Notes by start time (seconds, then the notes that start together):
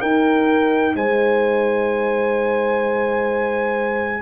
0.00 D#4 A#4 G5
0.95 G#3 C5 G#5